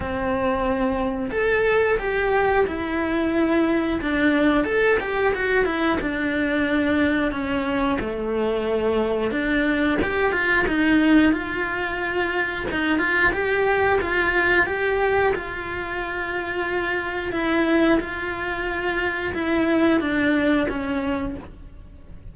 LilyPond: \new Staff \with { instrumentName = "cello" } { \time 4/4 \tempo 4 = 90 c'2 a'4 g'4 | e'2 d'4 a'8 g'8 | fis'8 e'8 d'2 cis'4 | a2 d'4 g'8 f'8 |
dis'4 f'2 dis'8 f'8 | g'4 f'4 g'4 f'4~ | f'2 e'4 f'4~ | f'4 e'4 d'4 cis'4 | }